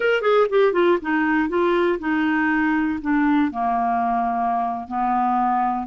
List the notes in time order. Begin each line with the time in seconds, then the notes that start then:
0.00 A#4
0.21 G#4
0.49 G4
0.72 F4
1.01 D#4
1.48 F4
1.99 D#4
3.01 D4
3.51 A#3
4.87 B3